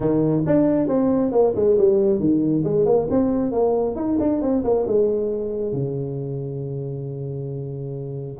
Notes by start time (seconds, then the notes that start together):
0.00 D#3
0.46 D4
0.87 C4
1.31 A#3
1.55 G#3
1.78 G3
2.19 D#3
2.64 G#3
2.85 A#3
3.10 C4
3.51 A#3
3.95 D#4
4.19 D4
4.41 C4
4.63 A#3
4.87 G#3
5.72 C#3